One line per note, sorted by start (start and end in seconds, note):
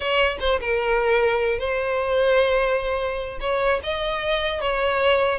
0.00 0.37 C#5
0.40 0.60 C5
0.60 1.58 A#4
1.58 3.38 C5
3.40 3.80 C#5
3.83 4.60 D#5
4.60 5.38 C#5